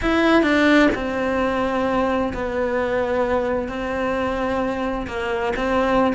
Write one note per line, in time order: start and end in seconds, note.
0.01 0.42 E4
0.42 0.89 D4
0.94 2.33 C4
2.33 3.68 B3
3.68 5.06 C4
5.07 5.53 A#3
5.56 6.13 C4